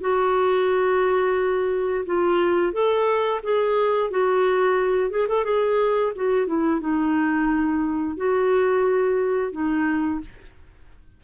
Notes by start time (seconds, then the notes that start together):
0.00 F#4
2.06 F4
2.72 A4
3.43 G#4
4.10 F#4
5.10 G#4
5.28 A4
5.45 G#4
6.15 F#4
6.46 E4
6.81 D#4
8.17 F#4
9.52 D#4